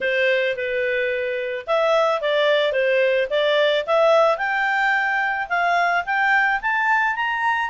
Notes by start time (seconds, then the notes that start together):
0.01 C5
0.56 B4
1.66 E5
2.21 D5
2.72 C5
3.30 D5
3.86 E5
4.37 G5
5.49 F5
6.05 G5
6.61 A5
7.15 A#5